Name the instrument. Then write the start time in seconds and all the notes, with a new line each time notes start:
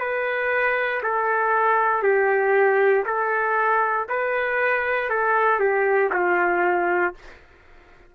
trumpet
0.00 B4
1.03 A4
2.03 G4
3.06 A4
4.09 B4
5.09 A4
5.60 G4
6.13 F4